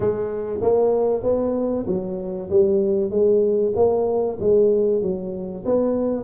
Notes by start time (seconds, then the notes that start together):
0.00 G#3
0.61 A#3
1.23 B3
1.87 F#3
2.49 G3
3.10 G#3
3.75 A#3
4.40 G#3
5.01 F#3
5.65 B3